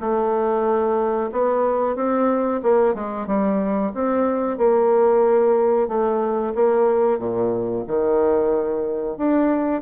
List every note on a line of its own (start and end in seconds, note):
0.00 1.30 A3
1.32 1.96 B3
1.96 2.61 C4
2.63 2.94 A#3
2.94 3.27 G#3
3.27 3.92 G3
3.94 4.57 C4
4.57 5.88 A#3
5.88 6.53 A3
6.55 7.19 A#3
7.19 7.84 A#2
7.87 9.17 D#3
9.17 9.82 D4